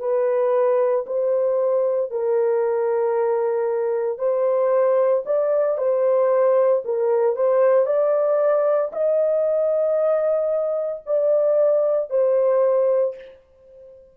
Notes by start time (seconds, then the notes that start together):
0.00 B4
1.07 C5
2.11 A#4
4.19 C5
5.26 D5
5.78 C5
6.86 A#4
7.36 C5
7.86 D5
8.93 D#5
11.07 D5
12.11 C5